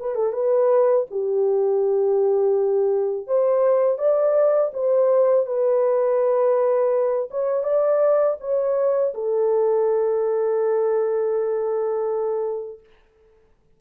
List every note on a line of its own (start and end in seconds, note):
0.00 0.15 B4
0.15 0.33 A4
0.33 1.06 B4
1.10 3.27 G4
3.27 3.98 C5
3.98 4.71 D5
4.74 5.46 C5
5.46 7.29 B4
7.30 7.63 C#5
7.63 8.36 D5
8.40 9.13 C#5
9.14 12.80 A4